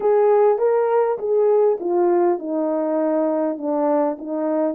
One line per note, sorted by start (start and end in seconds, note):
0.00 0.58 G#4
0.58 1.17 A#4
1.18 1.77 G#4
1.80 2.38 F4
2.38 3.57 D#4
3.57 4.17 D4
4.18 4.74 D#4